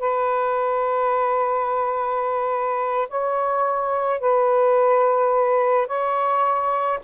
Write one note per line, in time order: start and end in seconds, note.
0.00 3.08 B4
3.09 4.20 C#5
4.20 5.87 B4
5.87 6.99 C#5